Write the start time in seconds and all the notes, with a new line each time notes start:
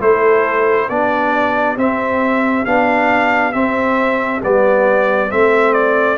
0.00 A3 E4 A4 C5
0.89 B3 D4 G4 D5
1.76 C4 E5
2.65 B3 D4 F5
3.52 C4 E5
4.42 G3 B3 D5
5.29 A3 C4 E5
5.73 D5